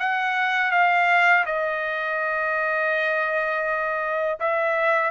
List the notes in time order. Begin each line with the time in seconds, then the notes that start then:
0.00 F#5
0.72 F5
1.46 D#5
4.40 E5